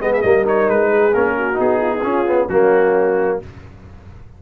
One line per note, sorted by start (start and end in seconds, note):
0.00 0.23 G#3
0.00 0.23 B3
0.00 0.25 G#4
0.00 0.12 D#5
0.13 0.22 E5
0.22 0.69 G3
0.22 0.44 A#3
0.22 0.89 A#4
0.22 0.44 D#5
0.44 1.12 D#4
0.44 0.69 C#5
0.69 1.14 G#3
0.69 1.14 B4
0.89 1.34 G#4
1.14 1.59 A#3
1.14 1.54 C#4
1.14 1.59 A#4
1.37 1.81 F#4
1.54 2.02 B3
1.54 1.99 D#4
1.60 2.48 G#4
1.81 1.91 F4
1.91 2.02 D#4
2.02 2.47 C#4
2.02 2.26 C#4
2.02 2.47 F4
2.26 2.48 B3
2.47 3.39 F#3
2.47 3.42 A#3
2.47 3.38 C#4
2.47 3.38 F#4